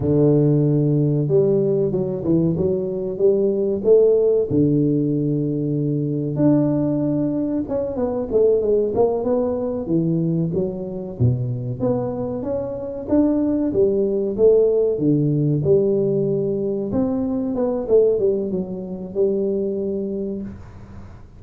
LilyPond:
\new Staff \with { instrumentName = "tuba" } { \time 4/4 \tempo 4 = 94 d2 g4 fis8 e8 | fis4 g4 a4 d4~ | d2 d'2 | cis'8 b8 a8 gis8 ais8 b4 e8~ |
e8 fis4 b,4 b4 cis'8~ | cis'8 d'4 g4 a4 d8~ | d8 g2 c'4 b8 | a8 g8 fis4 g2 | }